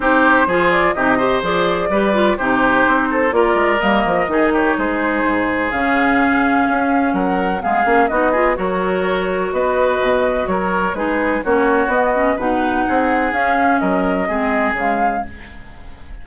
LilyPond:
<<
  \new Staff \with { instrumentName = "flute" } { \time 4/4 \tempo 4 = 126 c''4. d''8 dis''4 d''4~ | d''4 c''2 d''4 | dis''4. cis''8 c''2 | f''2. fis''4 |
f''4 dis''4 cis''2 | dis''2 cis''4 b'4 | cis''4 dis''4 fis''2 | f''4 dis''2 f''4 | }
  \new Staff \with { instrumentName = "oboe" } { \time 4/4 g'4 gis'4 g'8 c''4. | b'4 g'4. a'8 ais'4~ | ais'4 gis'8 g'8 gis'2~ | gis'2. ais'4 |
gis'4 fis'8 gis'8 ais'2 | b'2 ais'4 gis'4 | fis'2 b'4 gis'4~ | gis'4 ais'4 gis'2 | }
  \new Staff \with { instrumentName = "clarinet" } { \time 4/4 dis'4 f'4 dis'8 g'8 gis'4 | g'8 f'8 dis'2 f'4 | ais4 dis'2. | cis'1 |
b8 cis'8 dis'8 f'8 fis'2~ | fis'2. dis'4 | cis'4 b8 cis'8 dis'2 | cis'2 c'4 gis4 | }
  \new Staff \with { instrumentName = "bassoon" } { \time 4/4 c'4 f4 c4 f4 | g4 c4 c'4 ais8 gis8 | g8 f8 dis4 gis4 gis,4 | cis2 cis'4 fis4 |
gis8 ais8 b4 fis2 | b4 b,4 fis4 gis4 | ais4 b4 b,4 c'4 | cis'4 fis4 gis4 cis4 | }
>>